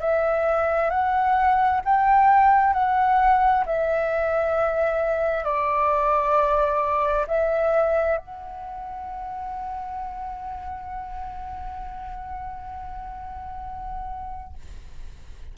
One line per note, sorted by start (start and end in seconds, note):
0.00 0.90 E5
0.90 1.81 F#5
1.85 2.74 G5
2.74 3.64 F#5
3.66 5.45 E5
5.45 7.26 D5
7.27 8.18 E5
8.18 14.54 F#5